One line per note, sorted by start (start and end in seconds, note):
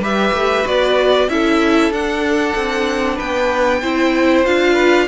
0.00 0.32 G3
0.00 0.64 G4
0.00 1.27 B4
0.00 0.67 E5
0.32 0.64 A3
0.64 1.28 B3
0.64 1.27 F#4
0.64 1.29 D5
1.28 1.90 C#4
1.28 1.92 E4
1.28 3.16 A4
1.28 1.92 E5
1.90 2.53 D4
1.90 3.82 D4
1.90 3.19 F#5
2.55 3.18 C4
3.16 3.82 B3
3.16 3.79 B4
3.16 4.45 G5
3.82 4.45 C4
3.82 4.45 E4
3.82 4.73 C5
4.45 5.08 D4
4.45 5.08 F4
4.45 5.08 F5
4.73 5.05 B4